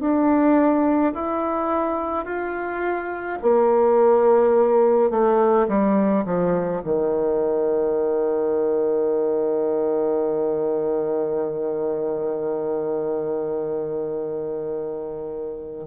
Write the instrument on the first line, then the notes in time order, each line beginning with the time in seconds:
bassoon
0.00 D4
1.14 E4
2.25 F4
3.42 A#3
5.10 A3
5.68 G3
6.25 F3
6.84 D#3